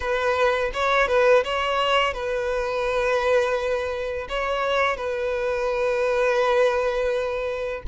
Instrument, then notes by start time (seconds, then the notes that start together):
violin
0.00 B4
0.73 C#5
1.07 B4
1.44 C#5
2.13 B4
4.29 C#5
4.96 B4